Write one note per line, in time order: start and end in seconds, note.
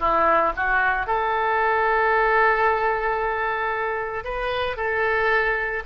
0.00 0.53 E4
0.56 1.07 F#4
1.07 4.25 A4
4.25 4.77 B4
4.77 5.83 A4